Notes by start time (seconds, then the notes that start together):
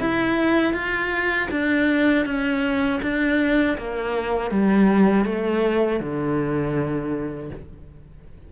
0.00 E4
0.73 F4
1.51 D4
2.25 C#4
3.02 D4
3.77 A#3
4.51 G3
5.25 A3
6.00 D3